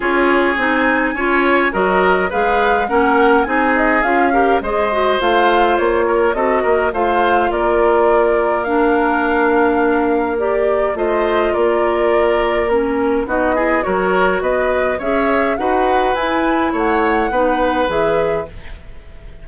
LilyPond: <<
  \new Staff \with { instrumentName = "flute" } { \time 4/4 \tempo 4 = 104 cis''4 gis''2 dis''4 | f''4 fis''4 gis''8 dis''8 f''4 | dis''4 f''4 cis''4 dis''4 | f''4 d''2 f''4~ |
f''2 d''4 dis''4 | d''2 ais'4 dis''4 | cis''4 dis''4 e''4 fis''4 | gis''4 fis''2 e''4 | }
  \new Staff \with { instrumentName = "oboe" } { \time 4/4 gis'2 cis''4 ais'4 | b'4 ais'4 gis'4. ais'8 | c''2~ c''8 ais'8 a'8 ais'8 | c''4 ais'2.~ |
ais'2. c''4 | ais'2. fis'8 gis'8 | ais'4 b'4 cis''4 b'4~ | b'4 cis''4 b'2 | }
  \new Staff \with { instrumentName = "clarinet" } { \time 4/4 f'4 dis'4 f'4 fis'4 | gis'4 cis'4 dis'4 f'8 g'8 | gis'8 fis'8 f'2 fis'4 | f'2. d'4~ |
d'2 g'4 f'4~ | f'2 cis'4 dis'8 e'8 | fis'2 gis'4 fis'4 | e'2 dis'4 gis'4 | }
  \new Staff \with { instrumentName = "bassoon" } { \time 4/4 cis'4 c'4 cis'4 fis4 | gis4 ais4 c'4 cis'4 | gis4 a4 ais4 c'8 ais8 | a4 ais2.~ |
ais2. a4 | ais2. b4 | fis4 b4 cis'4 dis'4 | e'4 a4 b4 e4 | }
>>